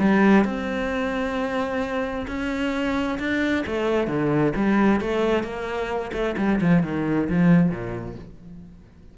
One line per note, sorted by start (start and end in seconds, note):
0.00 0.45 G3
0.45 2.27 C4
2.28 3.19 C#4
3.19 3.65 D4
3.67 4.08 A3
4.08 4.54 D3
4.56 5.01 G3
5.01 5.44 A3
5.44 6.12 A#3
6.13 6.36 A3
6.38 6.61 G3
6.61 6.84 F3
6.84 7.29 D#3
7.30 7.70 F3
7.70 8.16 A#2